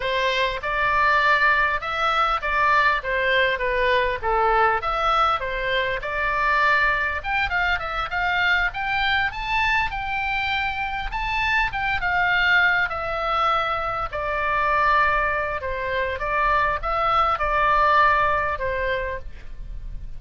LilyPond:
\new Staff \with { instrumentName = "oboe" } { \time 4/4 \tempo 4 = 100 c''4 d''2 e''4 | d''4 c''4 b'4 a'4 | e''4 c''4 d''2 | g''8 f''8 e''8 f''4 g''4 a''8~ |
a''8 g''2 a''4 g''8 | f''4. e''2 d''8~ | d''2 c''4 d''4 | e''4 d''2 c''4 | }